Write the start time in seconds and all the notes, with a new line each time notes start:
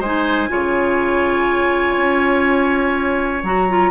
0.00 G#3 D#4 C5 G#5
0.49 C#3 F4 C#5
1.97 C#4
3.43 F#3 F#4 A#5
3.70 F4